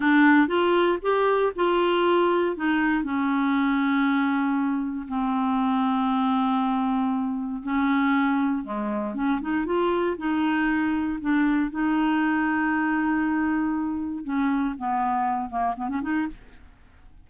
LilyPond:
\new Staff \with { instrumentName = "clarinet" } { \time 4/4 \tempo 4 = 118 d'4 f'4 g'4 f'4~ | f'4 dis'4 cis'2~ | cis'2 c'2~ | c'2. cis'4~ |
cis'4 gis4 cis'8 dis'8 f'4 | dis'2 d'4 dis'4~ | dis'1 | cis'4 b4. ais8 b16 cis'16 dis'8 | }